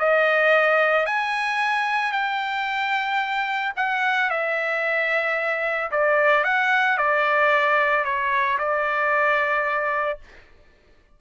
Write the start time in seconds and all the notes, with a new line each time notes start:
0.00 D#5
1.07 G#5
2.13 G5
3.77 F#5
4.31 E5
5.92 D5
6.44 F#5
6.98 D5
8.05 C#5
8.59 D5